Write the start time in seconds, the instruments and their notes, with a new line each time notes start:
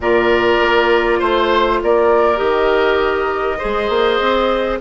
0.00 bassoon A#2, clarinet F4, oboe A#4, flute D5
0.60 bassoon A#3
1.19 bassoon A3, oboe C5, flute C5
1.82 bassoon A#3, oboe A#4, flute D5
2.36 bassoon D#3, clarinet G4, flute D#5
3.58 bassoon G#3, clarinet G#4, oboe C5
3.89 bassoon A#3
4.20 bassoon C4